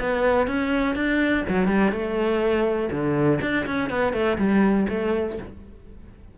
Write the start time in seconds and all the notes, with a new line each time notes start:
0.00 B3
0.47 C#4
0.96 D4
1.49 F#3
1.68 G3
1.92 A3
2.91 D3
3.41 D4
3.66 C#4
3.90 B3
4.14 A3
4.38 G3
4.89 A3